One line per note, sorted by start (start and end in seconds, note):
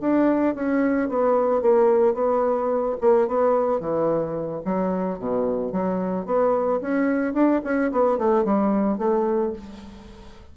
0.00 0.55 D4
0.55 1.08 C#4
1.08 1.61 B3
1.61 2.14 A#3
2.14 2.96 B3
3.00 3.28 A#3
3.28 3.80 B3
3.80 4.62 E3
4.65 5.18 F#3
5.18 5.72 B2
5.72 6.26 F#3
6.26 6.80 B3
6.81 7.33 C#4
7.33 7.61 D4
7.64 7.91 C#4
7.91 8.18 B3
8.18 8.44 A3
8.44 8.98 G3
8.98 9.52 A3